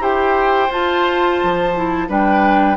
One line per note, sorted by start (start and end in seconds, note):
0.00 0.69 E4
0.00 0.69 G4
0.00 2.08 C5
0.00 0.72 G5
0.70 1.39 F4
0.70 1.74 F4
0.70 2.10 A5
1.44 2.09 F3
1.75 2.08 E4
2.08 2.77 G3
2.08 2.77 D4
2.08 2.77 B4
2.08 2.77 G5